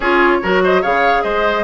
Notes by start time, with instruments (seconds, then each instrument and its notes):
0.00 bassoon C#4, clarinet F4, oboe G#4, flute C#5
0.42 bassoon F#3, clarinet F#4, oboe A#4
0.63 oboe C5, flute D#5
0.81 bassoon C#3, clarinet G#4, oboe C#5, flute F5
1.22 bassoon G#3, oboe C5, flute D#5